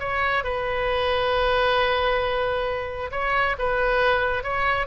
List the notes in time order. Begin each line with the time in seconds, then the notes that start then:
0.00 C#5
0.44 B4
3.12 C#5
3.59 B4
4.44 C#5